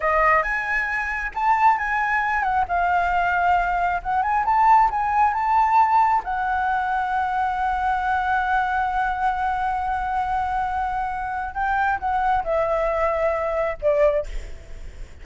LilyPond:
\new Staff \with { instrumentName = "flute" } { \time 4/4 \tempo 4 = 135 dis''4 gis''2 a''4 | gis''4. fis''8 f''2~ | f''4 fis''8 gis''8 a''4 gis''4 | a''2 fis''2~ |
fis''1~ | fis''1~ | fis''2 g''4 fis''4 | e''2. d''4 | }